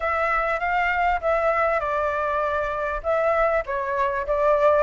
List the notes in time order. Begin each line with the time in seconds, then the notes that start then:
0.00 E5
0.59 F5
1.21 E5
1.80 D5
3.03 E5
3.65 C#5
4.26 D5